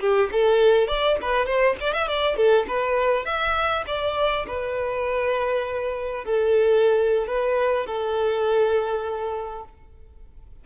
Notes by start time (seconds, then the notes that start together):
0.00 G4
0.32 A4
0.88 D5
1.22 B4
1.46 C5
1.80 D5
1.93 E5
2.08 D5
2.36 A4
2.68 B4
3.25 E5
3.87 D5
4.47 B4
6.25 A4
7.27 B4
7.86 A4